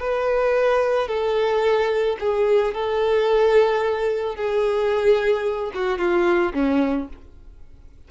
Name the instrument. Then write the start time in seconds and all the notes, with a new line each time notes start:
violin
0.00 B4
1.08 A4
2.20 G#4
2.74 A4
4.36 G#4
5.74 F#4
5.99 F4
6.54 C#4